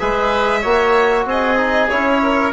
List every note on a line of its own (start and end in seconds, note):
0.00 0.65 G#3
0.00 0.63 G#4
0.00 0.62 B4
0.00 1.26 E5
0.62 1.26 A#3
0.62 1.57 F#4
0.62 1.25 C#5
1.26 1.89 C4
1.26 2.23 G#4
1.26 1.90 D#5
1.57 1.89 D#4
1.90 2.53 C#4
1.90 2.53 E4
1.90 2.53 C#5
2.23 2.53 A#4